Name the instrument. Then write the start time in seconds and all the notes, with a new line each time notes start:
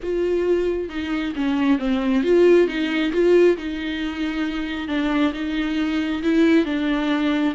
viola
0.02 F4
0.89 D#4
1.35 C#4
1.79 C4
2.23 F4
2.67 D#4
3.12 F4
3.57 D#4
4.88 D4
5.33 D#4
6.22 E4
6.65 D4